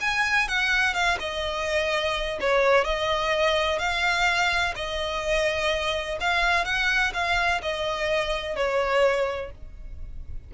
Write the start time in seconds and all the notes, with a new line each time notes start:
0.00 G#5
0.48 F#5
0.94 F5
1.19 D#5
2.40 C#5
2.84 D#5
3.79 F5
4.76 D#5
6.20 F5
6.65 F#5
7.13 F5
7.61 D#5
8.56 C#5